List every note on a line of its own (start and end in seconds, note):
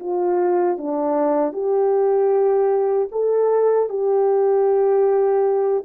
0.00 0.78 F4
0.78 1.53 D4
1.53 3.09 G4
3.12 3.89 A4
3.89 5.84 G4